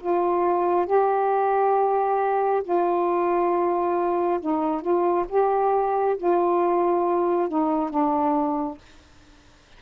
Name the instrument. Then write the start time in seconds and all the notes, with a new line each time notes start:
saxophone
0.00 F4
0.86 G4
2.63 F4
4.40 D#4
4.81 F4
5.29 G4
6.17 F4
7.48 D#4
7.90 D4